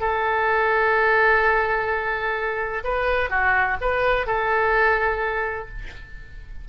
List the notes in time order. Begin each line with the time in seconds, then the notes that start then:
0.00 A4
2.84 B4
3.30 F#4
3.81 B4
4.27 A4